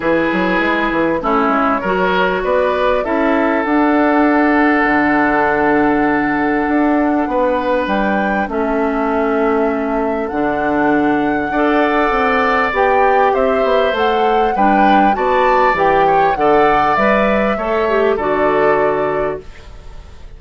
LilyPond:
<<
  \new Staff \with { instrumentName = "flute" } { \time 4/4 \tempo 4 = 99 b'2 cis''2 | d''4 e''4 fis''2~ | fis''1~ | fis''4 g''4 e''2~ |
e''4 fis''2.~ | fis''4 g''4 e''4 fis''4 | g''4 a''4 g''4 fis''4 | e''2 d''2 | }
  \new Staff \with { instrumentName = "oboe" } { \time 4/4 gis'2 e'4 ais'4 | b'4 a'2.~ | a'1 | b'2 a'2~ |
a'2. d''4~ | d''2 c''2 | b'4 d''4. cis''8 d''4~ | d''4 cis''4 a'2 | }
  \new Staff \with { instrumentName = "clarinet" } { \time 4/4 e'2 cis'4 fis'4~ | fis'4 e'4 d'2~ | d'1~ | d'2 cis'2~ |
cis'4 d'2 a'4~ | a'4 g'2 a'4 | d'4 fis'4 g'4 a'4 | b'4 a'8 g'8 fis'2 | }
  \new Staff \with { instrumentName = "bassoon" } { \time 4/4 e8 fis8 gis8 e8 a8 gis8 fis4 | b4 cis'4 d'2 | d2. d'4 | b4 g4 a2~ |
a4 d2 d'4 | c'4 b4 c'8 b8 a4 | g4 b4 e4 d4 | g4 a4 d2 | }
>>